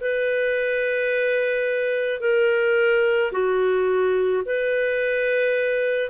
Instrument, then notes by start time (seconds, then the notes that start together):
clarinet
0.00 B4
2.20 A#4
3.32 F#4
4.45 B4